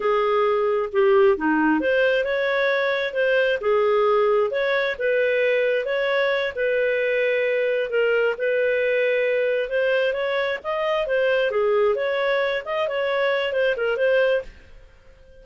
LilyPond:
\new Staff \with { instrumentName = "clarinet" } { \time 4/4 \tempo 4 = 133 gis'2 g'4 dis'4 | c''4 cis''2 c''4 | gis'2 cis''4 b'4~ | b'4 cis''4. b'4.~ |
b'4. ais'4 b'4.~ | b'4. c''4 cis''4 dis''8~ | dis''8 c''4 gis'4 cis''4. | dis''8 cis''4. c''8 ais'8 c''4 | }